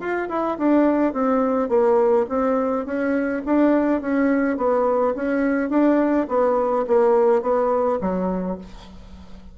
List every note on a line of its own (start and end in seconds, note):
0.00 0.29 F4
0.29 0.58 E4
0.58 1.13 D4
1.13 1.69 C4
1.69 2.26 A#3
2.29 2.86 C4
2.86 3.43 C#4
3.46 4.01 D4
4.01 4.57 C#4
4.57 5.14 B3
5.15 5.70 C#4
5.70 6.27 D4
6.29 6.86 B3
6.87 7.42 A#3
7.42 7.99 B3
8.01 8.58 F#3